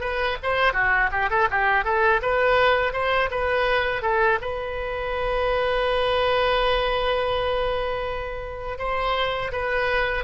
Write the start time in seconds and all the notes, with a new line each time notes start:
0.00 B4
0.43 C5
0.73 F#4
1.11 G4
1.30 A4
1.50 G4
1.84 A4
2.22 B4
2.93 C5
3.31 B4
4.02 A4
4.41 B4
8.78 C5
9.52 B4